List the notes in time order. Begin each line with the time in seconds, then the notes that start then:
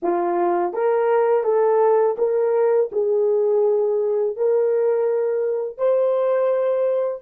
0.02 F4
0.73 A#4
1.43 A4
2.18 A#4
2.92 G#4
4.36 A#4
5.77 C5